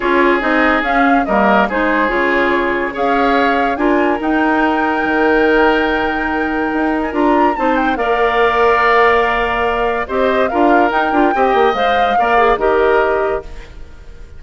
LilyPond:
<<
  \new Staff \with { instrumentName = "flute" } { \time 4/4 \tempo 4 = 143 cis''4 dis''4 f''4 dis''4 | c''4 cis''2 f''4~ | f''4 gis''4 g''2~ | g''1~ |
g''8. gis''16 ais''4 a''8 g''8 f''4~ | f''1 | dis''4 f''4 g''2 | f''2 dis''2 | }
  \new Staff \with { instrumentName = "oboe" } { \time 4/4 gis'2. ais'4 | gis'2. cis''4~ | cis''4 ais'2.~ | ais'1~ |
ais'2 c''4 d''4~ | d''1 | c''4 ais'2 dis''4~ | dis''4 d''4 ais'2 | }
  \new Staff \with { instrumentName = "clarinet" } { \time 4/4 f'4 dis'4 cis'4 ais4 | dis'4 f'2 gis'4~ | gis'4 f'4 dis'2~ | dis'1~ |
dis'4 f'4 dis'4 ais'4~ | ais'1 | g'4 f'4 dis'8 f'8 g'4 | c''4 ais'8 gis'8 g'2 | }
  \new Staff \with { instrumentName = "bassoon" } { \time 4/4 cis'4 c'4 cis'4 g4 | gis4 cis2 cis'4~ | cis'4 d'4 dis'2 | dis1 |
dis'4 d'4 c'4 ais4~ | ais1 | c'4 d'4 dis'8 d'8 c'8 ais8 | gis4 ais4 dis2 | }
>>